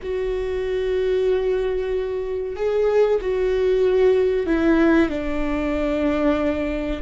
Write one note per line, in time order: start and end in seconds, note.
0.02 2.55 F#4
2.55 3.19 G#4
3.21 4.46 F#4
4.46 5.09 E4
5.09 7.00 D4